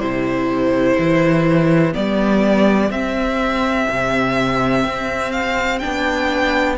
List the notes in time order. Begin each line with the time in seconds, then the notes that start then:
0.00 C3 E4 G4 C5
0.98 E3
1.93 G3 B3 D5
2.91 C4 E5
3.90 C3
4.85 C4
5.32 F5
5.79 B3 D4 G5